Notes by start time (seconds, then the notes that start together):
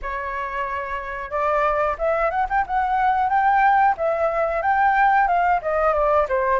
0.01 C#5
1.30 D5
1.98 E5
2.30 F#5
2.49 G5
2.66 F#5
3.29 G5
3.97 E5
4.62 G5
5.27 F5
5.61 D#5
5.93 D5
6.28 C5